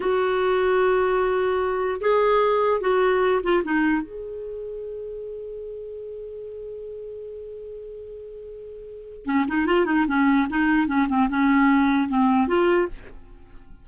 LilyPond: \new Staff \with { instrumentName = "clarinet" } { \time 4/4 \tempo 4 = 149 fis'1~ | fis'4 gis'2 fis'4~ | fis'8 f'8 dis'4 gis'2~ | gis'1~ |
gis'1~ | gis'2. cis'8 dis'8 | f'8 dis'8 cis'4 dis'4 cis'8 c'8 | cis'2 c'4 f'4 | }